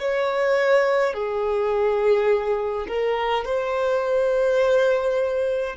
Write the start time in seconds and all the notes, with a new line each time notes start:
0.00 C#5
1.14 G#4
2.88 A#4
3.45 C5